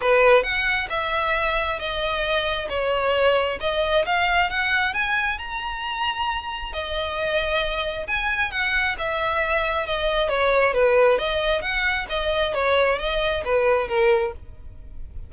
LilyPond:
\new Staff \with { instrumentName = "violin" } { \time 4/4 \tempo 4 = 134 b'4 fis''4 e''2 | dis''2 cis''2 | dis''4 f''4 fis''4 gis''4 | ais''2. dis''4~ |
dis''2 gis''4 fis''4 | e''2 dis''4 cis''4 | b'4 dis''4 fis''4 dis''4 | cis''4 dis''4 b'4 ais'4 | }